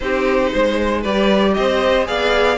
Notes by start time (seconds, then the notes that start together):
0.00 C4 D#4 G4 C5
0.52 G#3 C5
1.01 G3 G4 B4 D5
1.53 C4 C5 D#5
2.05 B3 G#4 D5 F5